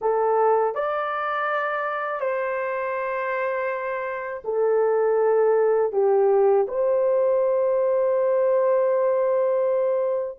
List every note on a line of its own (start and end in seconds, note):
0.01 0.74 A4
0.74 2.20 D5
2.20 4.42 C5
4.44 5.92 A4
5.92 6.66 G4
6.67 10.38 C5